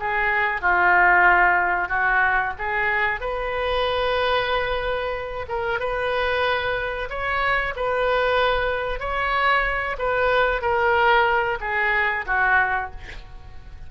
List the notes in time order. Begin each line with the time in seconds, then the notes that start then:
0.00 G#4
0.62 F4
1.89 F#4
2.59 G#4
3.21 B4
5.49 A#4
5.80 B4
7.10 C#5
7.76 B4
9.00 C#5
9.99 B4
10.62 A#4
11.61 G#4
12.27 F#4